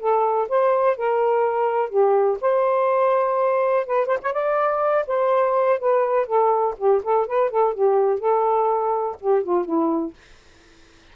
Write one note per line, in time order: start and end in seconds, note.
0.00 0.48 A4
0.49 0.97 C5
0.97 1.89 A#4
1.89 2.38 G4
2.41 3.86 C5
3.86 4.06 B4
4.06 4.18 C5
4.22 4.33 C#5
4.33 5.05 D5
5.07 5.79 C5
5.79 6.26 B4
6.26 6.75 A4
6.77 7.02 G4
7.04 7.27 A4
7.27 7.50 B4
7.50 7.74 A4
7.74 8.19 G4
8.19 9.16 A4
9.20 9.43 G4
9.43 9.65 F4
9.65 10.13 E4